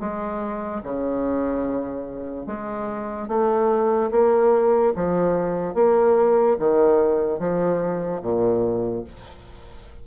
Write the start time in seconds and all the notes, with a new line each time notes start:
0.00 G#3
0.83 C#3
2.47 G#3
3.28 A3
4.11 A#3
4.95 F3
5.75 A#3
6.59 D#3
7.39 F3
8.22 A#2